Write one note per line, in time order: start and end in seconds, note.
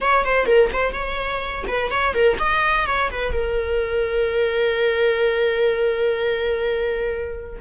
0.01 0.24 C#5
0.24 0.46 C5
0.46 0.69 A#4
0.72 0.93 C5
0.93 1.64 C#5
1.67 1.90 B4
1.90 2.13 C#5
2.13 2.37 A#4
2.39 2.86 D#5
2.86 3.10 C#5
3.11 3.32 B4
3.32 7.60 A#4